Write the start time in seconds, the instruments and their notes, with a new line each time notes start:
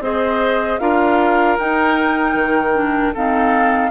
0.00 bassoon C4, clarinet G#4, oboe C5, flute D#5
0.79 bassoon D4, clarinet F4, oboe A#4, flute F5
1.59 clarinet D#4, bassoon D#4, flute G5
2.35 bassoon D#3
2.75 clarinet D4
3.14 clarinet C4, bassoon D#4, oboe A4, flute F5